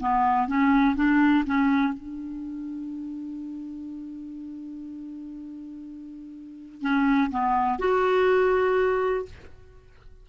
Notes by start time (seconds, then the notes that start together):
0.00 B3
0.48 C#4
0.96 D4
1.46 C#4
1.94 D4
6.81 C#4
7.31 B3
7.79 F#4